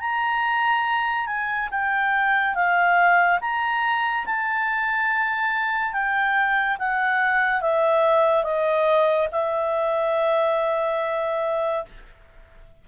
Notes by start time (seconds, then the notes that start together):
0.00 A#5
1.26 G#5
1.71 G5
2.55 F5
3.41 A#5
4.26 A5
5.93 G5
6.79 F#5
7.61 E5
8.44 D#5
9.31 E5